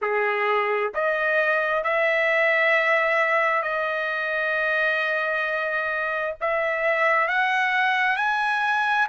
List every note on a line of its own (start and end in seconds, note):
0.01 0.92 G#4
0.94 1.83 D#5
1.83 3.62 E5
3.62 6.35 D#5
6.40 7.28 E5
7.28 8.16 F#5
8.16 9.07 G#5